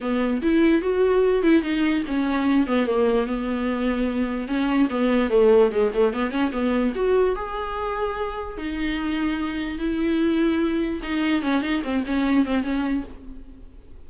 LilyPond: \new Staff \with { instrumentName = "viola" } { \time 4/4 \tempo 4 = 147 b4 e'4 fis'4. e'8 | dis'4 cis'4. b8 ais4 | b2. cis'4 | b4 a4 gis8 a8 b8 cis'8 |
b4 fis'4 gis'2~ | gis'4 dis'2. | e'2. dis'4 | cis'8 dis'8 c'8 cis'4 c'8 cis'4 | }